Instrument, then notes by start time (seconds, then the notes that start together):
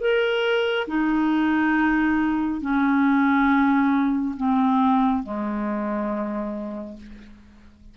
clarinet
0.00 A#4
0.87 D#4
2.61 C#4
4.36 C4
5.23 G#3